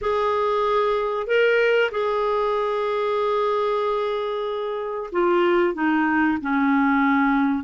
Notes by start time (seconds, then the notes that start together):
0.01 G#4
1.26 A#4
1.91 G#4
5.12 F4
5.74 D#4
6.41 C#4